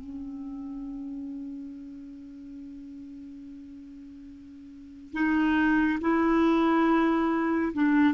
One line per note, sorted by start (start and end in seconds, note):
0.00 5.13 C#4
5.13 5.98 D#4
6.01 7.72 E4
7.73 8.14 D4